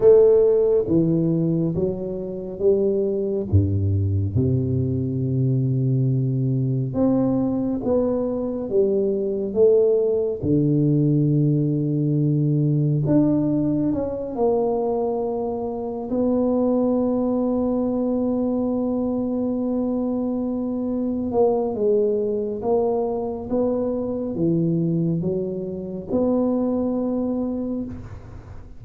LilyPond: \new Staff \with { instrumentName = "tuba" } { \time 4/4 \tempo 4 = 69 a4 e4 fis4 g4 | g,4 c2. | c'4 b4 g4 a4 | d2. d'4 |
cis'8 ais2 b4.~ | b1~ | b8 ais8 gis4 ais4 b4 | e4 fis4 b2 | }